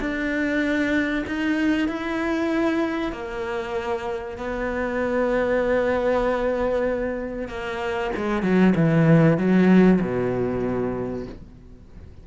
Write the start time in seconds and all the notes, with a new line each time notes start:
0.00 D4
1.27 D#4
1.88 E4
3.12 A#3
4.38 B3
7.48 A#3
8.16 G#3
8.43 F#3
8.76 E3
9.38 F#3
10.01 B2